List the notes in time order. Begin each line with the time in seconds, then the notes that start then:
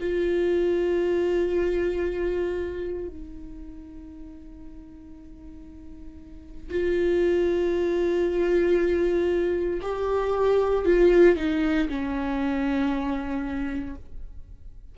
0.00 F4
3.08 D#4
6.70 F4
9.82 G4
10.85 F4
11.37 D#4
11.89 C#4